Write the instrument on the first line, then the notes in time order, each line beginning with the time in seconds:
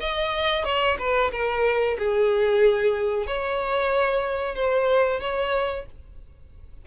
violin
0.00 D#5
0.64 C#5
0.98 B4
1.32 A#4
1.98 G#4
3.26 C#5
4.55 C5
5.21 C#5